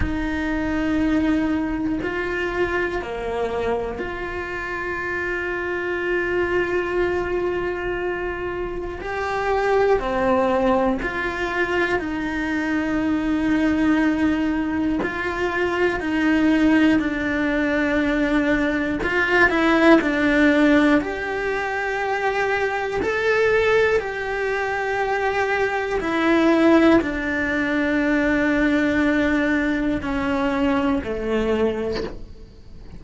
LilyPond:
\new Staff \with { instrumentName = "cello" } { \time 4/4 \tempo 4 = 60 dis'2 f'4 ais4 | f'1~ | f'4 g'4 c'4 f'4 | dis'2. f'4 |
dis'4 d'2 f'8 e'8 | d'4 g'2 a'4 | g'2 e'4 d'4~ | d'2 cis'4 a4 | }